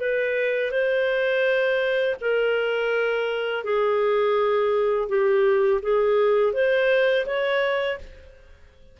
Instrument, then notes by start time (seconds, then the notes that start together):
clarinet
0.00 B4
0.71 C5
2.21 A#4
3.64 G#4
5.09 G4
5.82 G#4
6.53 C5
7.26 C#5